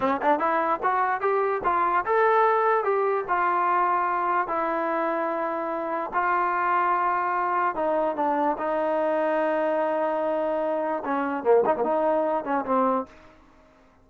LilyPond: \new Staff \with { instrumentName = "trombone" } { \time 4/4 \tempo 4 = 147 cis'8 d'8 e'4 fis'4 g'4 | f'4 a'2 g'4 | f'2. e'4~ | e'2. f'4~ |
f'2. dis'4 | d'4 dis'2.~ | dis'2. cis'4 | ais8 dis'16 ais16 dis'4. cis'8 c'4 | }